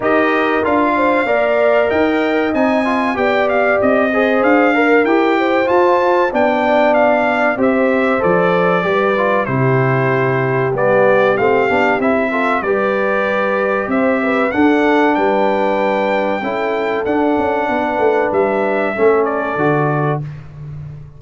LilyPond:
<<
  \new Staff \with { instrumentName = "trumpet" } { \time 4/4 \tempo 4 = 95 dis''4 f''2 g''4 | gis''4 g''8 f''8 dis''4 f''4 | g''4 a''4 g''4 f''4 | e''4 d''2 c''4~ |
c''4 d''4 f''4 e''4 | d''2 e''4 fis''4 | g''2. fis''4~ | fis''4 e''4. d''4. | }
  \new Staff \with { instrumentName = "horn" } { \time 4/4 ais'4. c''8 d''4 dis''4~ | dis''4 d''4. c''4 ais'8~ | ais'8 c''4. d''2 | c''2 b'4 g'4~ |
g'2.~ g'8 a'8 | b'2 c''8 b'8 a'4 | b'2 a'2 | b'2 a'2 | }
  \new Staff \with { instrumentName = "trombone" } { \time 4/4 g'4 f'4 ais'2 | dis'8 f'8 g'4. gis'4 ais'8 | g'4 f'4 d'2 | g'4 a'4 g'8 f'8 e'4~ |
e'4 b4 c'8 d'8 e'8 f'8 | g'2. d'4~ | d'2 e'4 d'4~ | d'2 cis'4 fis'4 | }
  \new Staff \with { instrumentName = "tuba" } { \time 4/4 dis'4 d'4 ais4 dis'4 | c'4 b4 c'4 d'4 | e'4 f'4 b2 | c'4 f4 g4 c4~ |
c4 g4 a8 b8 c'4 | g2 c'4 d'4 | g2 cis'4 d'8 cis'8 | b8 a8 g4 a4 d4 | }
>>